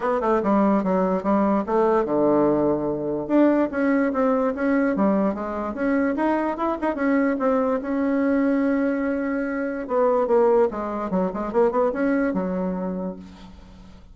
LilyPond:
\new Staff \with { instrumentName = "bassoon" } { \time 4/4 \tempo 4 = 146 b8 a8 g4 fis4 g4 | a4 d2. | d'4 cis'4 c'4 cis'4 | g4 gis4 cis'4 dis'4 |
e'8 dis'8 cis'4 c'4 cis'4~ | cis'1 | b4 ais4 gis4 fis8 gis8 | ais8 b8 cis'4 fis2 | }